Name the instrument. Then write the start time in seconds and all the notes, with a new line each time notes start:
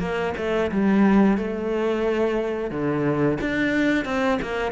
cello
0.00 A#3
0.38 A3
0.72 G3
1.38 A3
2.71 D3
3.41 D4
4.05 C4
4.42 A#3